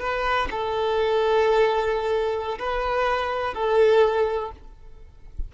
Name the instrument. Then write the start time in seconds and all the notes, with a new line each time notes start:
violin
0.00 B4
0.51 A4
2.59 B4
3.54 A4